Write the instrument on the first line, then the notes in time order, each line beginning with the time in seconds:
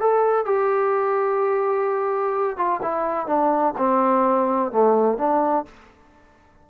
trombone
0.00 A4
0.45 G4
2.57 F4
2.82 E4
3.26 D4
3.77 C4
4.72 A3
5.18 D4